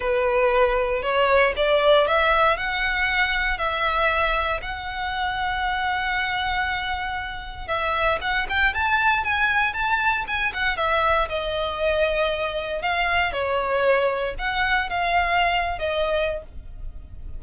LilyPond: \new Staff \with { instrumentName = "violin" } { \time 4/4 \tempo 4 = 117 b'2 cis''4 d''4 | e''4 fis''2 e''4~ | e''4 fis''2.~ | fis''2. e''4 |
fis''8 g''8 a''4 gis''4 a''4 | gis''8 fis''8 e''4 dis''2~ | dis''4 f''4 cis''2 | fis''4 f''4.~ f''16 dis''4~ dis''16 | }